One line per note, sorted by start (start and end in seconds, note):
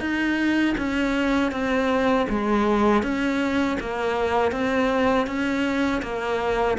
0.00 0.75 D#4
0.77 1.52 C#4
1.52 2.27 C4
2.29 3.03 G#3
3.03 3.78 C#4
3.80 4.52 A#3
4.52 5.27 C4
5.27 6.02 C#4
6.02 6.77 A#3